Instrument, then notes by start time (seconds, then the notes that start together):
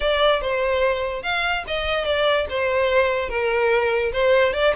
violin
0.00 D5
0.41 C5
1.22 F5
1.67 D#5
2.04 D5
2.49 C5
3.29 A#4
4.12 C5
4.53 D5